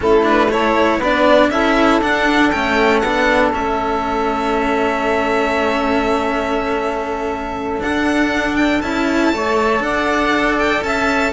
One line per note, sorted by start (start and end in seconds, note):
0.00 0.98 A3
0.00 0.23 C#4
0.00 0.51 E4
0.00 0.26 A4
0.23 0.48 D4
0.23 0.51 B4
0.51 1.01 E4
0.51 0.98 A4
0.51 1.01 C#5
0.98 1.48 B3
0.98 1.52 D4
0.98 1.48 B4
0.98 1.50 D5
1.50 2.00 C#4
1.50 2.01 E4
1.50 9.33 A4
1.50 2.00 E5
2.01 2.52 D4
2.01 2.53 D4
2.01 2.50 F#5
2.50 3.02 A3
2.50 3.03 C#4
2.50 2.99 G5
2.99 3.53 B3
2.99 3.52 D4
2.99 3.49 F#5
3.52 7.79 A3
3.52 7.81 C#4
3.52 7.82 E5
7.79 8.80 D4
7.79 8.83 D4
7.79 8.56 F#5
8.56 8.81 G5
8.81 9.32 C#4
8.81 9.33 E4
8.81 9.82 A5
9.32 9.79 A3
9.32 11.33 A4
9.32 9.84 C#5
9.79 10.80 D4
9.79 10.85 D5
9.79 10.58 F#5
10.59 10.83 G5
10.83 11.33 C#4
10.83 11.33 E5
10.83 11.33 A5